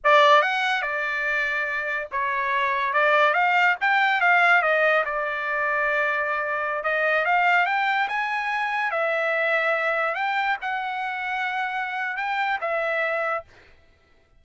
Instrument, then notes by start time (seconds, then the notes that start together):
trumpet
0.03 D5
0.42 F#5
0.82 D5
2.11 C#5
2.93 D5
3.33 F5
3.80 G5
4.21 F5
4.62 D#5
5.05 D5
6.83 D#5
7.25 F5
7.66 G5
8.08 G#5
8.91 E5
10.15 G5
10.61 F#5
12.16 G5
12.60 E5